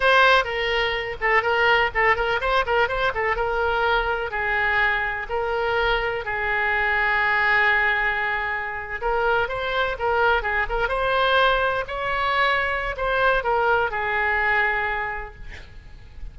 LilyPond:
\new Staff \with { instrumentName = "oboe" } { \time 4/4 \tempo 4 = 125 c''4 ais'4. a'8 ais'4 | a'8 ais'8 c''8 ais'8 c''8 a'8 ais'4~ | ais'4 gis'2 ais'4~ | ais'4 gis'2.~ |
gis'2~ gis'8. ais'4 c''16~ | c''8. ais'4 gis'8 ais'8 c''4~ c''16~ | c''8. cis''2~ cis''16 c''4 | ais'4 gis'2. | }